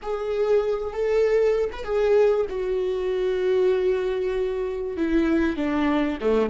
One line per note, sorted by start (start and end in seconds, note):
0.02 0.93 G#4
0.93 1.70 A4
1.72 1.84 B4
1.84 2.45 G#4
2.49 4.97 F#4
4.97 5.56 E4
5.56 6.18 D4
6.21 6.49 A3